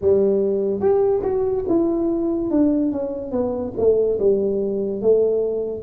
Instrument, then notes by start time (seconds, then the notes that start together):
tuba
0.01 G3
0.80 G4
1.23 F#4
1.68 E4
2.50 D4
2.92 C#4
3.31 B3
3.77 A3
4.19 G3
5.01 A3